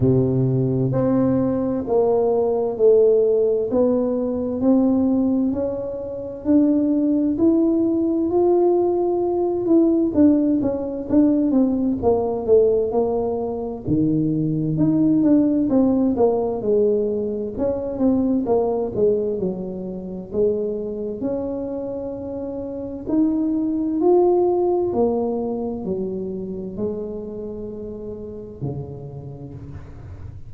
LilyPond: \new Staff \with { instrumentName = "tuba" } { \time 4/4 \tempo 4 = 65 c4 c'4 ais4 a4 | b4 c'4 cis'4 d'4 | e'4 f'4. e'8 d'8 cis'8 | d'8 c'8 ais8 a8 ais4 dis4 |
dis'8 d'8 c'8 ais8 gis4 cis'8 c'8 | ais8 gis8 fis4 gis4 cis'4~ | cis'4 dis'4 f'4 ais4 | fis4 gis2 cis4 | }